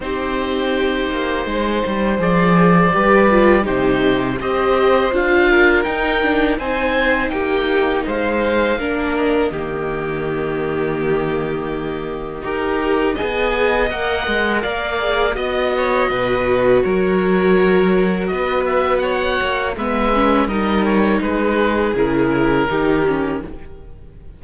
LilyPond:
<<
  \new Staff \with { instrumentName = "oboe" } { \time 4/4 \tempo 4 = 82 c''2. d''4~ | d''4 c''4 dis''4 f''4 | g''4 gis''4 g''4 f''4~ | f''8 dis''2.~ dis''8~ |
dis''2 gis''4 fis''4 | f''4 dis''2 cis''4~ | cis''4 dis''8 e''8 fis''4 e''4 | dis''8 cis''8 b'4 ais'2 | }
  \new Staff \with { instrumentName = "violin" } { \time 4/4 g'2 c''2 | b'4 g'4 c''4. ais'8~ | ais'4 c''4 g'4 c''4 | ais'4 g'2.~ |
g'4 ais'4 dis''2 | d''4 dis''8 cis''8 b'4 ais'4~ | ais'4 b'4 cis''4 b'4 | ais'4 gis'2 g'4 | }
  \new Staff \with { instrumentName = "viola" } { \time 4/4 dis'2. gis'4 | g'8 f'8 dis'4 g'4 f'4 | dis'8 d'8 dis'2. | d'4 ais2.~ |
ais4 g'4 gis'4 ais'4~ | ais'8 gis'8 fis'2.~ | fis'2. b8 cis'8 | dis'2 e'4 dis'8 cis'8 | }
  \new Staff \with { instrumentName = "cello" } { \time 4/4 c'4. ais8 gis8 g8 f4 | g4 c4 c'4 d'4 | dis'4 c'4 ais4 gis4 | ais4 dis2.~ |
dis4 dis'4 b4 ais8 gis8 | ais4 b4 b,4 fis4~ | fis4 b4. ais8 gis4 | g4 gis4 cis4 dis4 | }
>>